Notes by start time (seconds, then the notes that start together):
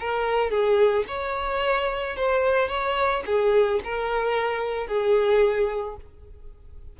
0.00 A#4
0.50 G#4
1.08 C#5
2.16 C5
2.69 C#5
3.26 G#4
3.84 A#4
4.87 G#4